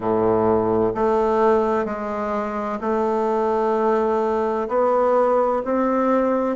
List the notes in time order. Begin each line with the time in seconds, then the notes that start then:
0.00 A2
0.94 A3
1.85 G#3
2.80 A3
4.68 B3
5.64 C4